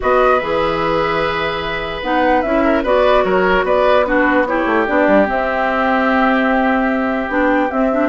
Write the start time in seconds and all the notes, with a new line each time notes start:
0.00 B3 F#4 B4 D#5
0.39 E3 G#4 E5
2.02 B3 D#4 F#5
2.41 C#4 E4 E5
2.63 A#4
2.83 B3 F#4 B4 D5
3.24 F#3 A#4 C#5
3.63 B3 B4 D5
4.04 D4 F#4 B4
4.46 E4 G4 C#5
4.66 A3
4.86 B3 D4 D5
5.07 G3
5.25 C4 E5
7.28 B3 D4 G5
7.70 C4 E5
7.91 D4